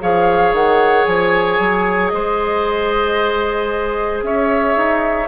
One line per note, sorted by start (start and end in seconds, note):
0.00 0.53 F3
0.00 5.26 G#4
0.00 2.12 C#5
0.00 0.54 F5
0.53 1.05 D#3
0.53 1.05 F#5
1.05 1.59 F3
1.05 2.08 G#5
1.59 2.12 F#3
2.08 4.23 G#3
2.08 4.25 C5
2.08 4.19 D#5
4.23 4.75 C#4
4.23 5.28 C#5
4.23 5.28 E5
4.76 5.28 D#4